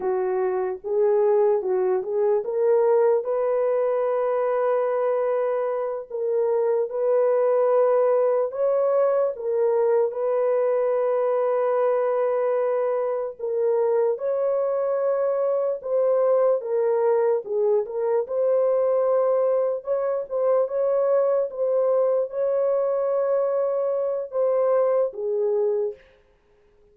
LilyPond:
\new Staff \with { instrumentName = "horn" } { \time 4/4 \tempo 4 = 74 fis'4 gis'4 fis'8 gis'8 ais'4 | b'2.~ b'8 ais'8~ | ais'8 b'2 cis''4 ais'8~ | ais'8 b'2.~ b'8~ |
b'8 ais'4 cis''2 c''8~ | c''8 ais'4 gis'8 ais'8 c''4.~ | c''8 cis''8 c''8 cis''4 c''4 cis''8~ | cis''2 c''4 gis'4 | }